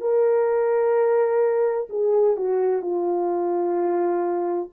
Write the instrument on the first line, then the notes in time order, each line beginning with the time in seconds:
horn
0.00 A#4
1.89 G#4
2.36 F#4
2.82 F4